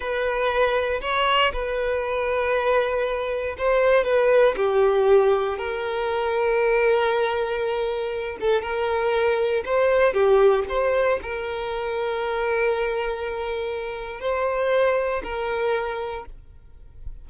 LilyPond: \new Staff \with { instrumentName = "violin" } { \time 4/4 \tempo 4 = 118 b'2 cis''4 b'4~ | b'2. c''4 | b'4 g'2 ais'4~ | ais'1~ |
ais'8 a'8 ais'2 c''4 | g'4 c''4 ais'2~ | ais'1 | c''2 ais'2 | }